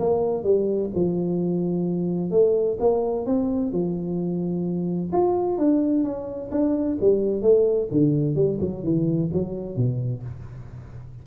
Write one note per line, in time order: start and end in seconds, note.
0.00 0.44 A#3
0.44 0.91 G3
0.95 2.31 F3
2.31 2.78 A3
2.80 3.27 A#3
3.27 3.72 C4
3.72 5.12 F3
5.13 5.59 F4
5.59 6.05 D4
6.05 6.51 C#4
6.52 6.98 D4
7.01 7.42 G3
7.42 7.89 A3
7.92 8.36 D3
8.36 8.59 G3
8.61 8.84 F#3
8.84 9.30 E3
9.34 9.77 F#3
9.77 10.23 B2